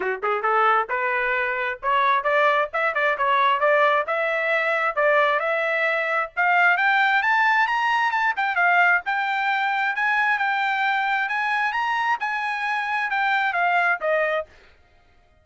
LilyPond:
\new Staff \with { instrumentName = "trumpet" } { \time 4/4 \tempo 4 = 133 fis'8 gis'8 a'4 b'2 | cis''4 d''4 e''8 d''8 cis''4 | d''4 e''2 d''4 | e''2 f''4 g''4 |
a''4 ais''4 a''8 g''8 f''4 | g''2 gis''4 g''4~ | g''4 gis''4 ais''4 gis''4~ | gis''4 g''4 f''4 dis''4 | }